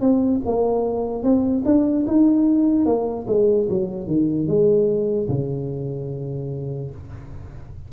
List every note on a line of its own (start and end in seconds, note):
0.00 0.41 C4
0.45 1.23 A#3
1.23 1.64 C4
1.65 2.05 D4
2.06 2.85 D#4
2.85 3.26 A#3
3.27 3.67 G#3
3.69 4.07 F#3
4.07 4.47 D#3
4.47 5.28 G#3
5.28 6.90 C#3